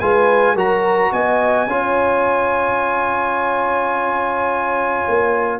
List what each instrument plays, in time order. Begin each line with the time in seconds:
0.00 tuba G#3, trombone F4, horn B4, trumpet G#5
0.54 tuba F#3, trombone F#4, horn A#4, trumpet A#5
1.12 tuba B3, horn D#5, trumpet G#5
1.66 tuba C#4, trombone F4, horn C#5
5.08 tuba A#3